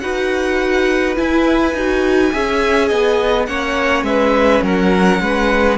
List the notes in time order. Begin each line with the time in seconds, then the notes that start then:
0.00 D#4 F#4 B4 F#5
1.16 E4 G#5
1.74 D#4 F#4
2.33 C#4 G#4 E5
2.88 B3 D#5
3.46 A#3 C#4 C#5 F#5
4.03 G#3 B4 E5
4.62 F#3 A#4 F#5
5.21 G#3 B4